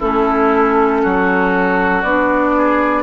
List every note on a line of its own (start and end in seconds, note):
0.00 1.04 A3
0.00 2.04 C#4
0.00 1.02 E4
0.00 2.02 A4
1.03 2.04 F#3
1.03 2.56 F#4
2.02 3.03 B3
2.02 3.03 D4
2.02 3.03 D5
2.58 3.03 G#4